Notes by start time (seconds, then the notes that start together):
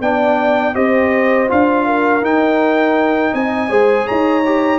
0.00 B3 D4 D5 G5
0.74 C4 G4 C5 D#5
1.47 D4 F4 F5
1.85 A#4
2.21 D#4 G5
3.32 C4 D#5 G#5
3.69 G#3 G#4 C5
4.06 D#4 C#5 A#5
4.45 G4